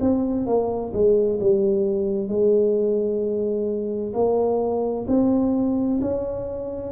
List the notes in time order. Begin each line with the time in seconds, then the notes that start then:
0.00 C4
0.46 A#3
0.93 G#3
1.40 G3
2.28 G#3
4.13 A#3
5.07 C4
6.01 C#4